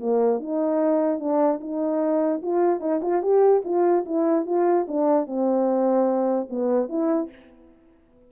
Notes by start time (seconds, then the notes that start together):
0.00 A#3
0.40 D#4
1.20 D4
1.61 D#4
2.43 F4
2.81 D#4
3.02 F4
3.23 G4
3.65 F4
4.06 E4
4.46 F4
4.88 D4
5.27 C4
6.50 B3
6.90 E4